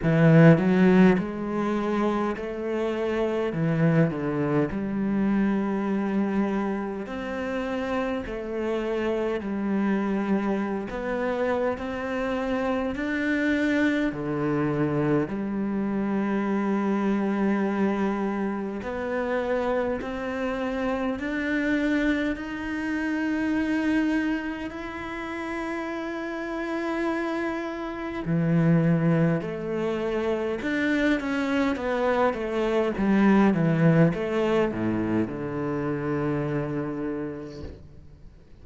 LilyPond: \new Staff \with { instrumentName = "cello" } { \time 4/4 \tempo 4 = 51 e8 fis8 gis4 a4 e8 d8 | g2 c'4 a4 | g4~ g16 b8. c'4 d'4 | d4 g2. |
b4 c'4 d'4 dis'4~ | dis'4 e'2. | e4 a4 d'8 cis'8 b8 a8 | g8 e8 a8 a,8 d2 | }